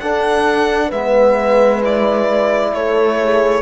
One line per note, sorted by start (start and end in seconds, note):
0.00 0.91 D4
0.00 0.88 A4
0.00 0.91 F#5
0.88 2.72 G#3
0.88 1.82 B3
0.88 2.70 B4
0.88 1.82 E5
1.82 3.62 E4
1.82 2.74 D5
2.72 3.62 A3
2.72 3.18 A4
2.72 3.62 C#5
3.23 3.62 G#4